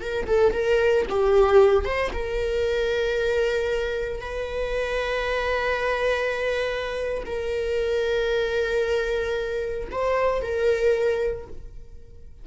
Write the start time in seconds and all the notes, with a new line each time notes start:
0.00 A#4
0.27 A4
0.53 A#4
1.09 G4
1.85 C5
2.13 A#4
4.21 B4
7.25 A#4
9.91 C5
10.42 A#4